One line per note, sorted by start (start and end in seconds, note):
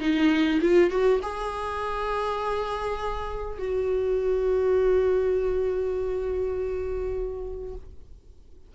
0.00 0.59 D#4
0.61 0.90 F4
0.90 1.20 F#4
1.22 3.59 G#4
3.59 7.74 F#4